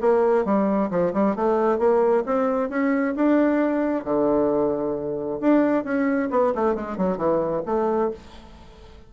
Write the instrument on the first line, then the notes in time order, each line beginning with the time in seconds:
bassoon
0.00 A#3
0.45 G3
0.90 F3
1.13 G3
1.35 A3
1.78 A#3
2.25 C4
2.69 C#4
3.16 D4
4.04 D3
5.40 D4
5.84 C#4
6.30 B3
6.54 A3
6.74 G#3
6.97 F#3
7.17 E3
7.65 A3